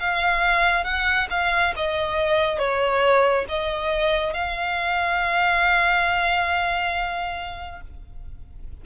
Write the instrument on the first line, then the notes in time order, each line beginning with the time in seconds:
violin
0.00 F5
0.85 F#5
1.30 F5
1.76 D#5
2.59 C#5
3.49 D#5
4.34 F5